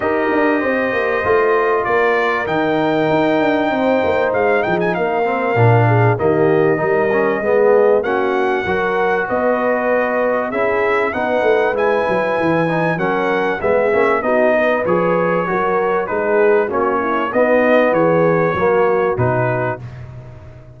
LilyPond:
<<
  \new Staff \with { instrumentName = "trumpet" } { \time 4/4 \tempo 4 = 97 dis''2. d''4 | g''2. f''8 g''16 gis''16 | f''2 dis''2~ | dis''4 fis''2 dis''4~ |
dis''4 e''4 fis''4 gis''4~ | gis''4 fis''4 e''4 dis''4 | cis''2 b'4 cis''4 | dis''4 cis''2 b'4 | }
  \new Staff \with { instrumentName = "horn" } { \time 4/4 ais'4 c''2 ais'4~ | ais'2 c''4. gis'8 | ais'4. gis'8 g'4 ais'4 | gis'4 fis'4 ais'4 b'4~ |
b'4 gis'4 b'2~ | b'4 ais'4 gis'4 fis'8 b'8~ | b'4 ais'4 gis'4 fis'8 e'8 | dis'4 gis'4 fis'2 | }
  \new Staff \with { instrumentName = "trombone" } { \time 4/4 g'2 f'2 | dis'1~ | dis'8 c'8 d'4 ais4 dis'8 cis'8 | b4 cis'4 fis'2~ |
fis'4 e'4 dis'4 e'4~ | e'8 dis'8 cis'4 b8 cis'8 dis'4 | gis'4 fis'4 dis'4 cis'4 | b2 ais4 dis'4 | }
  \new Staff \with { instrumentName = "tuba" } { \time 4/4 dis'8 d'8 c'8 ais8 a4 ais4 | dis4 dis'8 d'8 c'8 ais8 gis8 f8 | ais4 ais,4 dis4 g4 | gis4 ais4 fis4 b4~ |
b4 cis'4 b8 a8 gis8 fis8 | e4 fis4 gis8 ais8 b4 | f4 fis4 gis4 ais4 | b4 e4 fis4 b,4 | }
>>